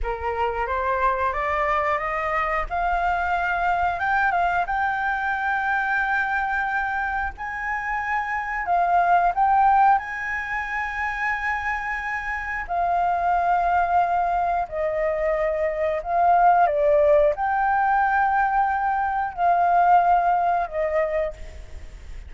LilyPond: \new Staff \with { instrumentName = "flute" } { \time 4/4 \tempo 4 = 90 ais'4 c''4 d''4 dis''4 | f''2 g''8 f''8 g''4~ | g''2. gis''4~ | gis''4 f''4 g''4 gis''4~ |
gis''2. f''4~ | f''2 dis''2 | f''4 d''4 g''2~ | g''4 f''2 dis''4 | }